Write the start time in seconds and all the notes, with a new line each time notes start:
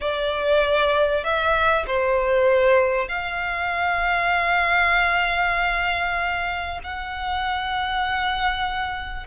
0.01 D5
1.23 E5
1.86 C5
3.08 F5
6.83 F#5